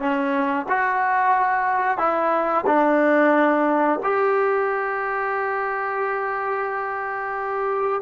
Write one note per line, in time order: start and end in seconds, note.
0.00 0.67 C#4
0.69 1.98 F#4
1.98 2.65 E4
2.67 4.00 D4
4.04 8.02 G4